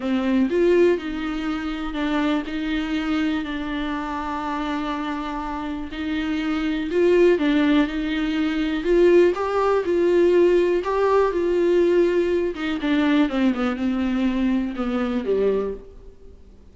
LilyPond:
\new Staff \with { instrumentName = "viola" } { \time 4/4 \tempo 4 = 122 c'4 f'4 dis'2 | d'4 dis'2 d'4~ | d'1 | dis'2 f'4 d'4 |
dis'2 f'4 g'4 | f'2 g'4 f'4~ | f'4. dis'8 d'4 c'8 b8 | c'2 b4 g4 | }